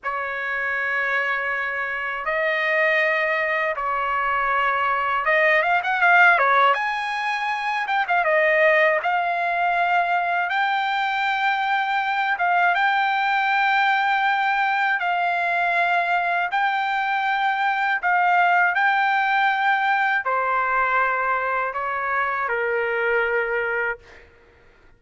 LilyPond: \new Staff \with { instrumentName = "trumpet" } { \time 4/4 \tempo 4 = 80 cis''2. dis''4~ | dis''4 cis''2 dis''8 f''16 fis''16 | f''8 cis''8 gis''4. g''16 f''16 dis''4 | f''2 g''2~ |
g''8 f''8 g''2. | f''2 g''2 | f''4 g''2 c''4~ | c''4 cis''4 ais'2 | }